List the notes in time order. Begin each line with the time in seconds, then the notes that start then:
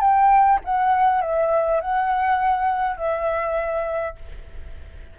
0.00 G5
0.64 F#5
1.21 E5
1.81 F#5
2.96 E5